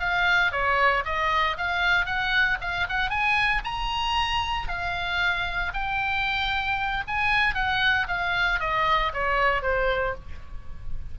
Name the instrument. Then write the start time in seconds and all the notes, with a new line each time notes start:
oboe
0.00 F5
0.52 C#5
1.05 D#5
1.58 F5
2.06 F#5
2.61 F5
2.89 F#5
3.10 G#5
3.65 A#5
4.68 F5
5.74 G5
7.07 G#5
7.55 F#5
8.08 F5
8.60 D#5
9.14 C#5
9.62 C5